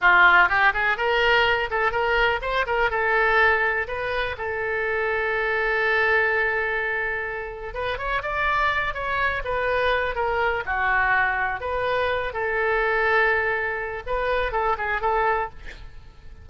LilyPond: \new Staff \with { instrumentName = "oboe" } { \time 4/4 \tempo 4 = 124 f'4 g'8 gis'8 ais'4. a'8 | ais'4 c''8 ais'8 a'2 | b'4 a'2.~ | a'1 |
b'8 cis''8 d''4. cis''4 b'8~ | b'4 ais'4 fis'2 | b'4. a'2~ a'8~ | a'4 b'4 a'8 gis'8 a'4 | }